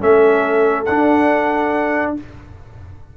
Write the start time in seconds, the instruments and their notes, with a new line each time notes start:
0.00 tuba A3, trombone C#4, horn A4, trumpet E5
0.86 tuba D4, trombone D4, trumpet F#5